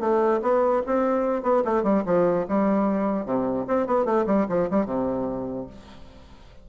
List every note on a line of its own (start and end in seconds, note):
0.00 0.41 A3
0.42 0.83 B3
0.86 1.43 C4
1.43 1.63 B3
1.65 1.84 A3
1.84 2.04 G3
2.06 2.46 F3
2.48 3.26 G3
3.26 3.66 C3
3.68 3.87 C4
3.87 4.05 B3
4.05 4.25 A3
4.27 4.47 G3
4.49 4.69 F3
4.70 4.86 G3
4.86 5.67 C3